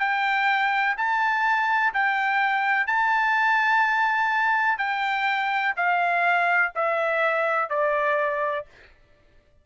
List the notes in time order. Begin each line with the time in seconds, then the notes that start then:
0.00 G5
0.98 A5
1.94 G5
2.88 A5
4.78 G5
5.77 F5
6.75 E5
7.70 D5